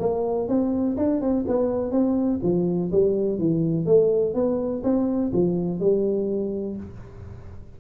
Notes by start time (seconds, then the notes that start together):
0.00 A#3
0.48 C4
0.97 D4
1.21 C4
1.48 B3
1.92 C4
2.43 F3
2.92 G3
3.39 E3
3.86 A3
4.34 B3
4.83 C4
5.33 F3
5.80 G3